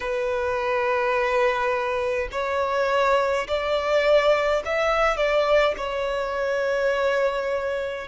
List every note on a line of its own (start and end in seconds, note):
0.00 2.28 B4
2.31 3.47 C#5
3.47 4.63 D5
4.65 5.17 E5
5.17 5.74 D5
5.77 8.07 C#5